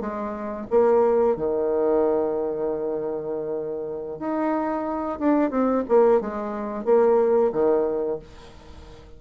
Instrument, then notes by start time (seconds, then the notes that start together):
bassoon
0.00 G#3
0.70 A#3
1.36 D#3
4.19 D#4
5.19 D4
5.50 C4
5.88 A#3
6.21 G#3
6.85 A#3
7.52 D#3